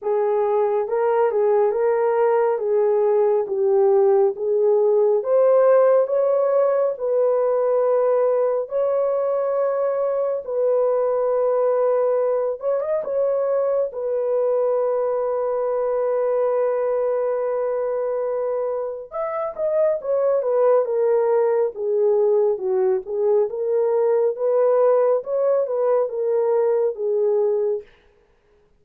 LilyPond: \new Staff \with { instrumentName = "horn" } { \time 4/4 \tempo 4 = 69 gis'4 ais'8 gis'8 ais'4 gis'4 | g'4 gis'4 c''4 cis''4 | b'2 cis''2 | b'2~ b'8 cis''16 dis''16 cis''4 |
b'1~ | b'2 e''8 dis''8 cis''8 b'8 | ais'4 gis'4 fis'8 gis'8 ais'4 | b'4 cis''8 b'8 ais'4 gis'4 | }